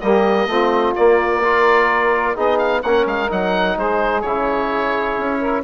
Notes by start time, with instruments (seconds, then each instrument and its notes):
0.00 bassoon G3, trombone A#3, saxophone G4, oboe D#5
0.46 bassoon A3, trombone C4, saxophone F4
0.95 trombone A#3, bassoon A#3, oboe D5
1.43 trombone F4, saxophone A#4
2.34 bassoon B3, trombone D#4, saxophone G#4, oboe D#5
2.58 oboe F5
2.82 bassoon A#3, trombone C#4, saxophone A#4, oboe F#5
3.05 bassoon G#3, oboe F5
3.29 bassoon F#3, trombone D#4, oboe F#5
3.76 bassoon G#3, saxophone G#4, oboe C5
4.21 bassoon C#3, trombone E4, oboe C#5
5.17 bassoon C#4
5.39 saxophone A#4